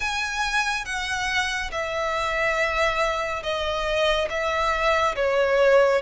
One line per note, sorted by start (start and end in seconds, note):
0.00 0.85 G#5
0.85 1.71 F#5
1.71 3.42 E5
3.42 4.28 D#5
4.29 5.15 E5
5.15 6.01 C#5